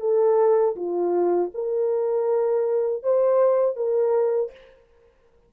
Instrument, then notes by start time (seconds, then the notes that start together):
horn
0.00 A4
0.75 F4
1.54 A#4
3.03 C5
3.76 A#4